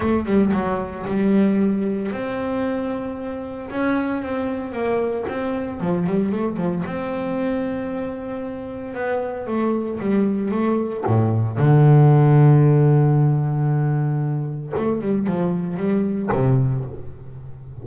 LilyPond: \new Staff \with { instrumentName = "double bass" } { \time 4/4 \tempo 4 = 114 a8 g8 fis4 g2 | c'2. cis'4 | c'4 ais4 c'4 f8 g8 | a8 f8 c'2.~ |
c'4 b4 a4 g4 | a4 a,4 d2~ | d1 | a8 g8 f4 g4 c4 | }